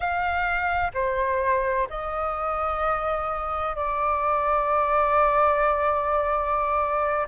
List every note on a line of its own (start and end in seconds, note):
0.00 0.91 F5
0.94 1.87 C5
1.89 3.75 D#5
3.75 7.27 D5